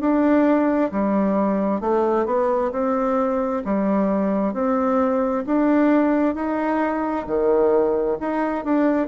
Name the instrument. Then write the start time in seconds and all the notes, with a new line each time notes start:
bassoon
0.00 D4
0.91 G3
1.81 A3
2.26 B3
2.72 C4
3.65 G3
4.53 C4
5.46 D4
6.35 D#4
7.27 D#3
8.20 D#4
8.64 D4